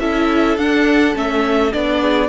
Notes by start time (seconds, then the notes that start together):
0.00 C#4 E4 A4 E5
0.57 D4 F#5
1.14 A3 C#4 E5
1.72 B3 D4 D5
2.01 G#4